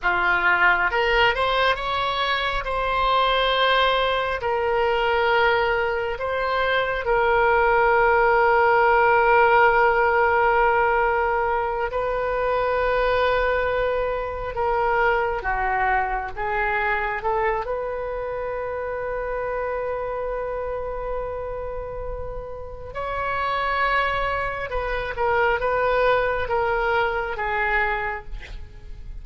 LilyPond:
\new Staff \with { instrumentName = "oboe" } { \time 4/4 \tempo 4 = 68 f'4 ais'8 c''8 cis''4 c''4~ | c''4 ais'2 c''4 | ais'1~ | ais'4. b'2~ b'8~ |
b'8 ais'4 fis'4 gis'4 a'8 | b'1~ | b'2 cis''2 | b'8 ais'8 b'4 ais'4 gis'4 | }